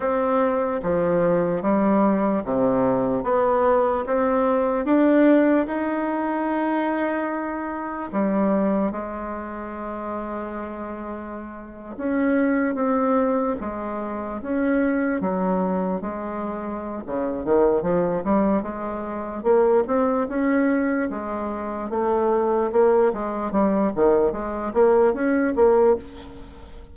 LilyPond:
\new Staff \with { instrumentName = "bassoon" } { \time 4/4 \tempo 4 = 74 c'4 f4 g4 c4 | b4 c'4 d'4 dis'4~ | dis'2 g4 gis4~ | gis2~ gis8. cis'4 c'16~ |
c'8. gis4 cis'4 fis4 gis16~ | gis4 cis8 dis8 f8 g8 gis4 | ais8 c'8 cis'4 gis4 a4 | ais8 gis8 g8 dis8 gis8 ais8 cis'8 ais8 | }